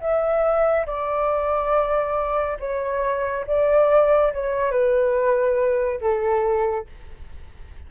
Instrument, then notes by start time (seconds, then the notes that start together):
flute
0.00 E5
0.86 D5
2.59 C#5
3.46 D5
4.33 C#5
4.71 B4
6.00 A4